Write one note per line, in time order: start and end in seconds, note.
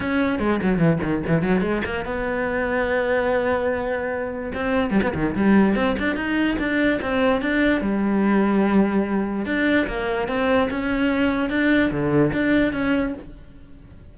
0.00 0.39 C#4
0.39 0.59 G#3
0.62 0.78 F#3
0.78 0.99 E3
1.02 1.23 D#3
1.26 1.42 E3
1.42 1.61 F#3
1.61 1.82 G#3
1.85 2.05 A#3
2.05 4.51 B3
4.54 4.90 C4
4.90 5.00 G3
5.02 5.13 B3
5.14 5.34 D#3
5.35 5.75 G3
5.75 5.96 C4
5.98 6.16 D4
6.16 6.57 D#4
6.58 6.99 D4
7.01 7.41 C4
7.41 7.81 D4
7.81 9.45 G3
9.45 9.86 D4
9.87 10.28 A#3
10.28 10.69 C4
10.70 11.49 C#4
11.49 11.90 D4
11.91 12.32 D3
12.32 12.72 D4
12.72 13.14 C#4